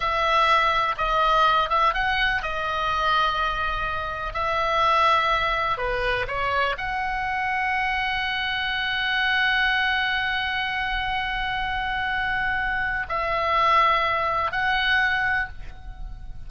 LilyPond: \new Staff \with { instrumentName = "oboe" } { \time 4/4 \tempo 4 = 124 e''2 dis''4. e''8 | fis''4 dis''2.~ | dis''4 e''2. | b'4 cis''4 fis''2~ |
fis''1~ | fis''1~ | fis''2. e''4~ | e''2 fis''2 | }